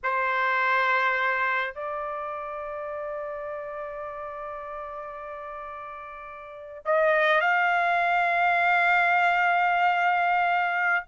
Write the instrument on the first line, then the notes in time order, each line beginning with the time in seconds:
trumpet
0.03 C5
1.74 D5
6.85 D#5
7.41 F5